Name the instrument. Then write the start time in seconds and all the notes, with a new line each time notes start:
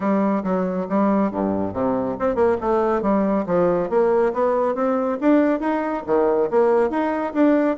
bassoon
0.00 G3
0.43 F#3
0.89 G3
1.31 G2
1.73 C3
2.19 C4
2.35 A#3
2.61 A3
3.01 G3
3.46 F3
3.89 A#3
4.33 B3
4.74 C4
5.20 D4
5.60 D#4
6.06 D#3
6.50 A#3
6.89 D#4
7.33 D4